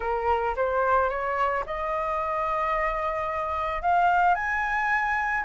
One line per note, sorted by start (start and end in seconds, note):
0.00 0.55 A#4
0.56 1.09 C5
1.09 1.64 C#5
1.66 3.82 D#5
3.82 4.35 F5
4.35 5.44 G#5